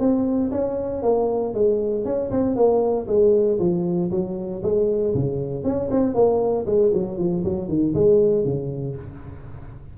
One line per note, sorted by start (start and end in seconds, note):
0.00 0.51 C4
0.52 1.03 C#4
1.03 1.54 A#3
1.54 2.05 G#3
2.05 2.31 C#4
2.31 2.56 C4
2.56 3.07 A#3
3.08 3.59 G#3
3.59 4.10 F3
4.11 4.62 F#3
4.63 5.14 G#3
5.15 5.64 C#3
5.64 5.90 C#4
5.91 6.14 C4
6.14 6.66 A#3
6.66 6.92 G#3
6.94 7.18 F#3
7.18 7.44 F3
7.44 7.69 F#3
7.69 7.94 D#3
7.95 8.45 G#3
8.45 8.96 C#3